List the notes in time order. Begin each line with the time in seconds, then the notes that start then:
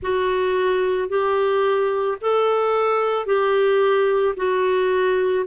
0.02 F#4
1.09 G4
2.21 A4
3.25 G4
4.36 F#4